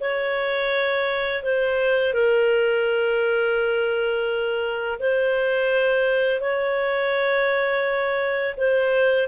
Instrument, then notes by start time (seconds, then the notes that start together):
clarinet
0.00 C#5
1.43 C5
2.14 A#4
4.99 C5
6.41 C#5
8.57 C5